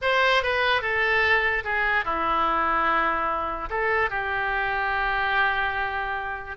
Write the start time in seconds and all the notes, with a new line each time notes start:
0.01 C5
0.43 B4
0.81 A4
1.64 G#4
2.04 E4
3.69 A4
4.10 G4